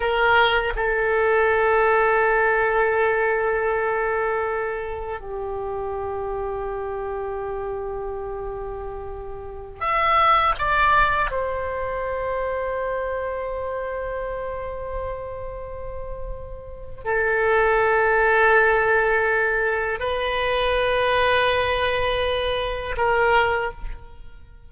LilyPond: \new Staff \with { instrumentName = "oboe" } { \time 4/4 \tempo 4 = 81 ais'4 a'2.~ | a'2. g'4~ | g'1~ | g'4~ g'16 e''4 d''4 c''8.~ |
c''1~ | c''2. a'4~ | a'2. b'4~ | b'2. ais'4 | }